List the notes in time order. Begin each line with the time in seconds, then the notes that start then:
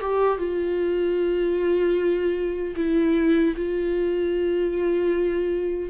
0.00 G4
0.38 F4
2.76 E4
3.56 F4